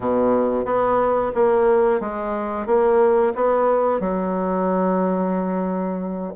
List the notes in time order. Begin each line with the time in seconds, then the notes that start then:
0.00 B2
0.65 B3
1.35 A#3
2.00 G#3
2.66 A#3
3.35 B3
4.00 F#3